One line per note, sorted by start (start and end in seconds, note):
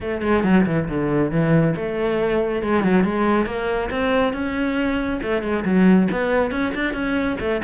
0.01 0.21 A3
0.21 0.43 G#3
0.43 0.65 F#3
0.66 0.88 E3
0.88 1.31 D3
1.31 1.74 E3
1.75 2.62 A3
2.62 2.83 G#3
2.83 3.04 F#3
3.04 3.46 G#3
3.46 3.89 A#3
3.90 4.33 C4
4.33 5.20 C#4
5.22 5.42 A3
5.42 5.64 G#3
5.65 6.08 F#3
6.11 6.51 B3
6.51 6.73 C#4
6.74 6.93 D4
6.93 7.37 C#4
7.40 7.61 A3